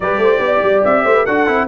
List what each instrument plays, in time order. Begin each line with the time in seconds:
0.00 tuba G3, trombone G4, horn B4, trumpet D5
0.17 tuba A3, horn C5
0.39 tuba B3
0.45 horn D5
0.62 tuba G3
0.84 tuba C4, trumpet E5
1.04 tuba A3, horn C5
1.14 horn B4
1.24 tuba D4, trombone F#4, horn A4, trumpet F#5
1.46 tuba C4, trombone E4